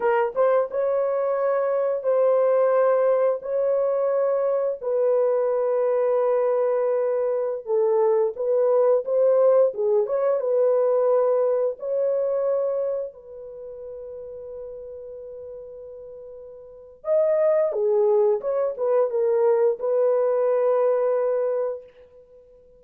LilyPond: \new Staff \with { instrumentName = "horn" } { \time 4/4 \tempo 4 = 88 ais'8 c''8 cis''2 c''4~ | c''4 cis''2 b'4~ | b'2.~ b'16 a'8.~ | a'16 b'4 c''4 gis'8 cis''8 b'8.~ |
b'4~ b'16 cis''2 b'8.~ | b'1~ | b'4 dis''4 gis'4 cis''8 b'8 | ais'4 b'2. | }